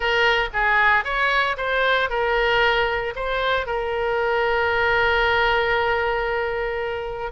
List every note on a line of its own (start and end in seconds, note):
0.00 0.49 A#4
0.53 1.04 G#4
1.04 1.56 C#5
1.57 2.09 C5
2.09 3.14 A#4
3.15 3.66 C5
3.66 7.31 A#4